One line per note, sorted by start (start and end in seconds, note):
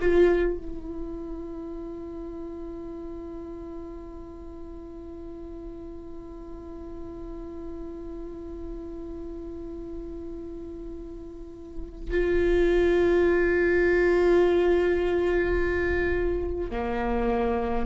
0.00 0.58 F4
0.58 12.10 E4
12.10 16.70 F4
16.70 17.85 A#3